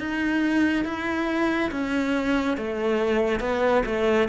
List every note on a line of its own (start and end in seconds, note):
0.00 0.85 D#4
0.85 1.71 E4
1.72 2.58 C#4
2.58 3.41 A3
3.41 3.83 B3
3.86 4.29 A3